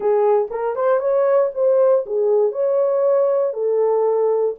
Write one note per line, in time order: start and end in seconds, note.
0.00 0.48 G#4
0.50 0.75 A#4
0.75 0.99 C5
0.99 1.50 C#5
1.54 2.05 C5
2.06 2.52 G#4
2.52 3.53 C#5
3.53 4.54 A4